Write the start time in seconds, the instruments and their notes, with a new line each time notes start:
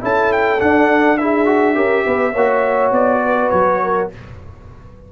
0.00 tuba C#4, trombone E4, horn A4, trumpet A5
0.32 trumpet G5
0.60 trombone D4, tuba D4, trumpet F#5
1.17 trombone E4, horn G#4, trumpet E5
1.45 trombone F#4
1.74 tuba C#4, trombone G4, horn A#4
2.06 tuba B3, horn B4
2.32 tuba A#3, trombone F#4, horn C#5
2.91 tuba B3, trumpet D5
3.25 horn B4
3.50 tuba F#3, trumpet C#5
3.83 horn A#4